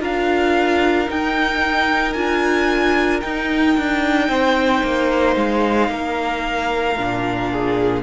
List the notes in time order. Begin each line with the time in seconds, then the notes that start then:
0.00 D4 F4 A#4 F5
1.07 D#4 G5
2.13 D4 F4 G#5
3.21 D#4 G5
3.77 D4
4.28 C4 C5
4.83 A#3
5.36 G#3 F5
5.89 A#3 A#4
6.96 A#2 D4
7.51 G#4